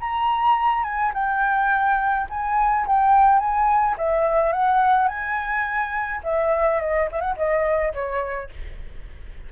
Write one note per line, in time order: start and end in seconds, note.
0.00 0.84 A#5
0.84 1.12 G#5
1.14 2.27 G5
2.30 2.86 G#5
2.87 3.39 G5
3.39 3.96 G#5
3.98 4.53 E5
4.53 5.08 F#5
5.08 6.21 G#5
6.24 6.81 E5
6.81 7.09 D#5
7.12 7.21 E5
7.21 7.35 F#5
7.37 7.93 D#5
7.93 8.50 C#5